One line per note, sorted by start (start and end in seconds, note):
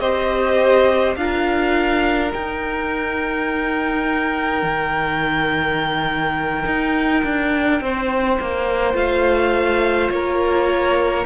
0.00 1.16 C4
0.00 1.17 G4
0.00 1.16 C5
0.00 1.15 D#5
1.16 2.32 D4
1.16 2.31 F4
1.16 7.83 A#4
1.16 2.32 F5
2.31 8.94 D#4
2.31 4.63 D#4
2.31 8.96 G5
4.63 6.65 D#3
6.66 7.24 D#4
7.24 7.81 D4
7.81 8.39 C4
7.81 10.13 C5
8.41 8.94 A#3
8.94 10.09 A3
8.94 11.25 F4
8.94 10.10 F5
10.10 11.26 A#3
10.10 11.26 A#4
10.10 11.26 C#5